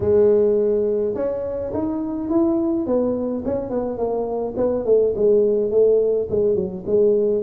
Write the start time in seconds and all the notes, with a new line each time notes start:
0.00 G#3
1.15 C#4
1.73 D#4
2.29 E4
2.86 B3
3.45 C#4
3.70 B3
3.97 A#3
4.57 B3
4.85 A3
5.15 G#3
5.70 A3
6.30 G#3
6.55 F#3
6.86 G#3